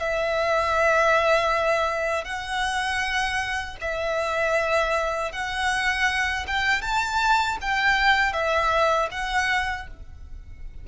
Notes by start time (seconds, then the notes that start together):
0.00 E5
2.25 F#5
3.81 E5
5.32 F#5
6.47 G5
6.82 A5
7.62 G5
8.33 E5
9.11 F#5